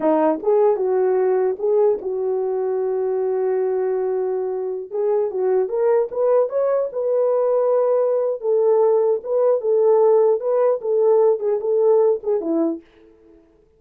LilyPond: \new Staff \with { instrumentName = "horn" } { \time 4/4 \tempo 4 = 150 dis'4 gis'4 fis'2 | gis'4 fis'2.~ | fis'1~ | fis'16 gis'4 fis'4 ais'4 b'8.~ |
b'16 cis''4 b'2~ b'8.~ | b'4 a'2 b'4 | a'2 b'4 a'4~ | a'8 gis'8 a'4. gis'8 e'4 | }